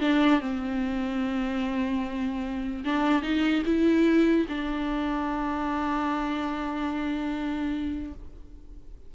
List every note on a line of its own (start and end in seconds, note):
0.00 0.41 D4
0.41 2.84 C4
2.84 3.22 D4
3.22 3.63 D#4
3.65 4.46 E4
4.49 8.14 D4